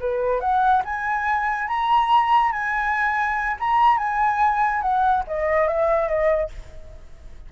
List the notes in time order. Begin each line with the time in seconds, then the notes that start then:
0.00 B4
0.40 F#5
0.85 G#5
1.68 A#5
2.52 G#5
3.60 A#5
3.97 G#5
4.82 F#5
5.27 D#5
5.67 E5
6.08 D#5